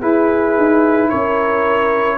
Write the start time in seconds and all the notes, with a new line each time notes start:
0.00 E4 G#4 B4
0.57 D#4
1.10 C#4 A#4 C#5